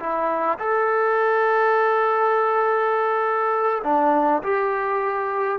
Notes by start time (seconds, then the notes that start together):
0.00 E4
0.60 A4
3.84 D4
4.43 G4